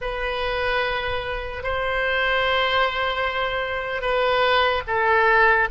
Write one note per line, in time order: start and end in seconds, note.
0.01 1.63 B4
1.63 4.01 C5
4.01 4.82 B4
4.87 5.68 A4